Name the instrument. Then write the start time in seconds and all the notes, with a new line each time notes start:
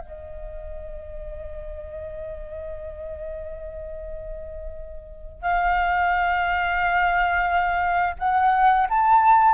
flute
0.00 D#5
5.42 F5
8.19 F#5
8.90 A5